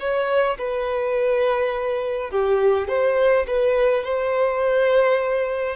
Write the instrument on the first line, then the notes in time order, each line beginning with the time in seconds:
violin
0.00 C#5
0.58 B4
2.31 G4
2.89 C5
3.47 B4
4.04 C5